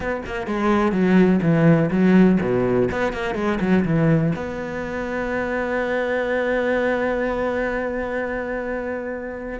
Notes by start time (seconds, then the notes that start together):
0.00 B3
0.25 A#3
0.46 G#3
0.92 F#3
1.42 E3
1.90 F#3
2.40 B2
2.91 B3
3.12 A#3
3.35 G#3
3.60 F#3
3.84 E3
4.35 B3